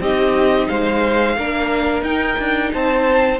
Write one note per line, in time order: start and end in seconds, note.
0.00 0.67 C4
0.00 1.37 D#4
0.00 0.69 G4
0.00 0.68 D#5
0.68 1.36 G#3
0.68 1.36 C5
0.68 2.03 F5
1.36 2.02 A#3
1.36 2.04 D4
1.36 2.73 A#4
2.02 2.36 D#4
2.02 3.39 D#4
2.02 2.71 G5
2.38 2.72 D4
2.74 3.39 C4
2.74 3.39 C5
2.74 3.39 A5